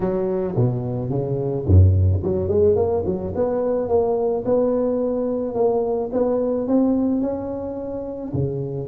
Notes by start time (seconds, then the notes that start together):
0.00 F#3
0.55 B2
1.09 C#3
1.66 F#2
2.23 F#3
2.48 G#3
2.75 A#3
3.05 F#3
3.35 B3
3.88 A#3
4.45 B3
5.54 A#3
6.12 B3
6.67 C4
7.21 C#4
8.33 C#3